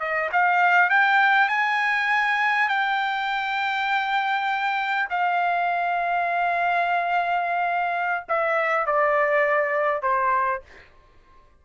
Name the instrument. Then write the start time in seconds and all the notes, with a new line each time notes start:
trumpet
0.00 D#5
0.32 F5
0.90 G5
1.49 G#5
2.69 G5
5.10 F5
8.29 E5
8.87 D5
10.03 C5